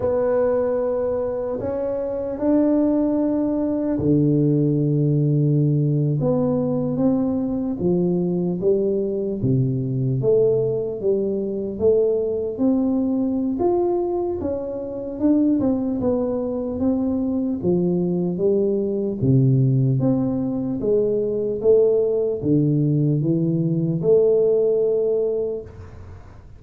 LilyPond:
\new Staff \with { instrumentName = "tuba" } { \time 4/4 \tempo 4 = 75 b2 cis'4 d'4~ | d'4 d2~ d8. b16~ | b8. c'4 f4 g4 c16~ | c8. a4 g4 a4 c'16~ |
c'4 f'4 cis'4 d'8 c'8 | b4 c'4 f4 g4 | c4 c'4 gis4 a4 | d4 e4 a2 | }